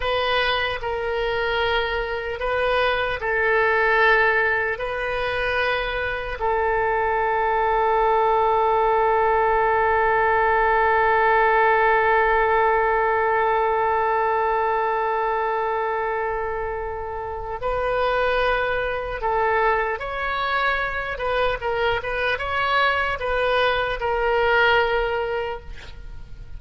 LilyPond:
\new Staff \with { instrumentName = "oboe" } { \time 4/4 \tempo 4 = 75 b'4 ais'2 b'4 | a'2 b'2 | a'1~ | a'1~ |
a'1~ | a'2 b'2 | a'4 cis''4. b'8 ais'8 b'8 | cis''4 b'4 ais'2 | }